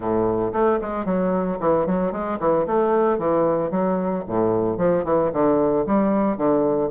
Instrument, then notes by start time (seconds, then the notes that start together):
bassoon
0.00 A2
0.52 A3
0.81 G#3
1.05 F#3
1.60 E3
1.86 F#3
2.11 G#3
2.39 E3
2.66 A3
3.18 E3
3.70 F#3
4.27 A2
4.77 F3
5.04 E3
5.32 D3
5.86 G3
6.37 D3